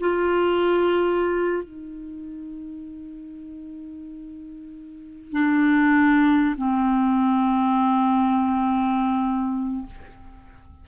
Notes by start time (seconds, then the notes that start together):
0.00 F4
1.63 D#4
5.32 D4
6.57 C4